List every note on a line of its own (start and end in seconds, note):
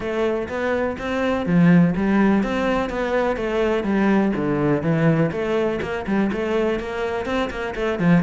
0.00 0.48 A3
0.48 0.97 B3
0.98 1.46 C4
1.46 1.94 F3
1.96 2.43 G3
2.43 2.89 C4
2.89 3.36 B3
3.36 3.83 A3
3.83 4.32 G3
4.35 4.82 D3
4.82 5.30 E3
5.31 5.80 A3
5.81 6.05 A#3
6.06 6.30 G3
6.32 6.79 A3
6.79 7.25 A#3
7.25 7.49 C4
7.50 7.74 A#3
7.75 7.99 A3
7.99 8.23 F3